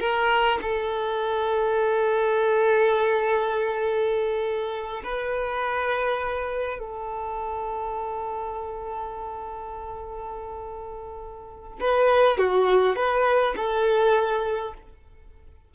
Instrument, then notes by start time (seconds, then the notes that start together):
violin
0.00 A#4
0.62 A4
5.04 B4
6.79 A4
11.80 B4
12.38 F#4
12.96 B4
13.56 A4